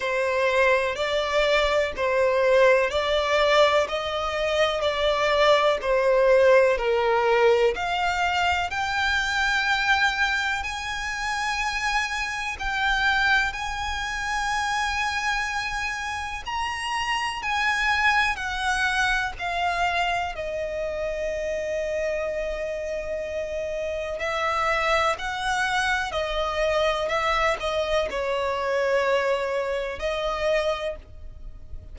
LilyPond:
\new Staff \with { instrumentName = "violin" } { \time 4/4 \tempo 4 = 62 c''4 d''4 c''4 d''4 | dis''4 d''4 c''4 ais'4 | f''4 g''2 gis''4~ | gis''4 g''4 gis''2~ |
gis''4 ais''4 gis''4 fis''4 | f''4 dis''2.~ | dis''4 e''4 fis''4 dis''4 | e''8 dis''8 cis''2 dis''4 | }